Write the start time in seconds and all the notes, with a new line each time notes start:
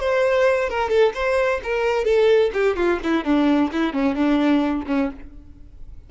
0.00 C5
0.69 A#4
0.89 A4
1.14 C5
1.63 A#4
2.04 A4
2.53 G4
2.76 F4
3.03 E4
3.24 D4
3.72 E4
3.93 C#4
4.15 D4
4.87 C#4